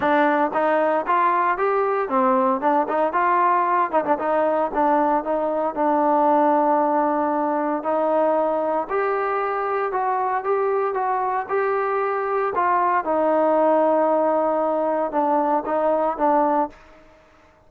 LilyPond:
\new Staff \with { instrumentName = "trombone" } { \time 4/4 \tempo 4 = 115 d'4 dis'4 f'4 g'4 | c'4 d'8 dis'8 f'4. dis'16 d'16 | dis'4 d'4 dis'4 d'4~ | d'2. dis'4~ |
dis'4 g'2 fis'4 | g'4 fis'4 g'2 | f'4 dis'2.~ | dis'4 d'4 dis'4 d'4 | }